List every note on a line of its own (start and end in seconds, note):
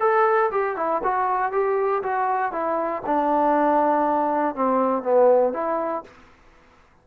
0.00 0.50 A4
0.51 0.76 G4
0.76 1.02 E4
1.03 1.52 F#4
1.52 2.02 G4
2.03 2.52 F#4
2.52 3.03 E4
3.06 4.55 D4
4.55 5.03 C4
5.03 5.53 B3
5.53 6.03 E4